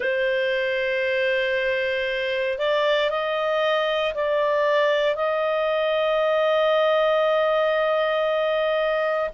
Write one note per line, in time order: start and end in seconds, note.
0.00 2.58 C5
2.58 3.10 D5
3.10 4.13 D#5
4.14 5.15 D5
5.15 9.29 D#5